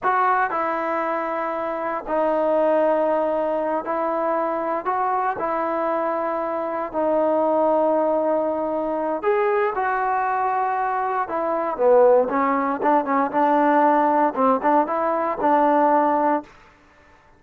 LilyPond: \new Staff \with { instrumentName = "trombone" } { \time 4/4 \tempo 4 = 117 fis'4 e'2. | dis'2.~ dis'8 e'8~ | e'4. fis'4 e'4.~ | e'4. dis'2~ dis'8~ |
dis'2 gis'4 fis'4~ | fis'2 e'4 b4 | cis'4 d'8 cis'8 d'2 | c'8 d'8 e'4 d'2 | }